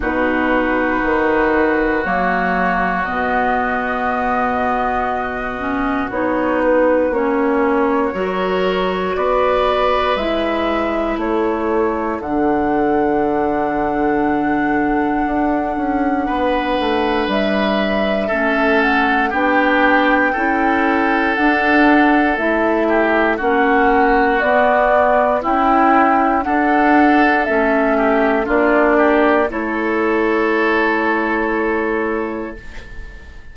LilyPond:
<<
  \new Staff \with { instrumentName = "flute" } { \time 4/4 \tempo 4 = 59 b'2 cis''4 dis''4~ | dis''2 cis''8 b'8 cis''4~ | cis''4 d''4 e''4 cis''4 | fis''1~ |
fis''4 e''4. fis''8 g''4~ | g''4 fis''4 e''4 fis''4 | d''4 g''4 fis''4 e''4 | d''4 cis''2. | }
  \new Staff \with { instrumentName = "oboe" } { \time 4/4 fis'1~ | fis'1 | ais'4 b'2 a'4~ | a'1 |
b'2 a'4 g'4 | a'2~ a'8 g'8 fis'4~ | fis'4 e'4 a'4. g'8 | f'8 g'8 a'2. | }
  \new Staff \with { instrumentName = "clarinet" } { \time 4/4 dis'2 ais4 b4~ | b4. cis'8 dis'4 cis'4 | fis'2 e'2 | d'1~ |
d'2 cis'4 d'4 | e'4 d'4 e'4 cis'4 | b4 e'4 d'4 cis'4 | d'4 e'2. | }
  \new Staff \with { instrumentName = "bassoon" } { \time 4/4 b,4 dis4 fis4 b,4~ | b,2 b4 ais4 | fis4 b4 gis4 a4 | d2. d'8 cis'8 |
b8 a8 g4 a4 b4 | cis'4 d'4 a4 ais4 | b4 cis'4 d'4 a4 | ais4 a2. | }
>>